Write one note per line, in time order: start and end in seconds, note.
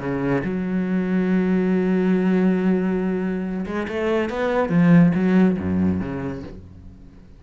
0.00 0.43 C#3
0.44 3.66 F#3
3.66 3.88 G#3
3.88 4.30 A3
4.30 4.70 B3
4.70 5.13 F3
5.15 5.58 F#3
5.59 6.01 F#2
6.01 6.44 C#3